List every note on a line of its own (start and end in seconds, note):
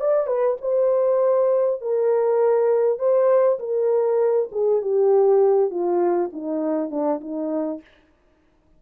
0.00 0.27 D5
0.27 0.57 B4
0.61 1.81 C5
1.81 2.99 A#4
2.99 3.59 C5
3.59 4.49 A#4
4.52 4.82 G#4
4.82 5.70 G4
5.70 6.30 F4
6.32 6.90 D#4
6.90 7.20 D4
7.21 7.81 D#4